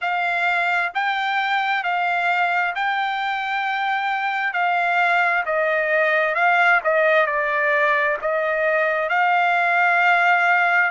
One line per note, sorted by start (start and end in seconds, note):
0.01 0.92 F5
0.94 1.83 G5
1.83 2.74 F5
2.75 4.53 G5
4.53 5.44 F5
5.45 6.34 D#5
6.34 6.80 F5
6.83 7.26 D#5
7.26 8.17 D5
8.21 9.09 D#5
9.09 10.90 F5